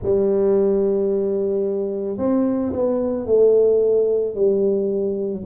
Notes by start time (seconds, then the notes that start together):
0.02 G3
2.17 C4
2.72 B3
3.26 A3
4.34 G3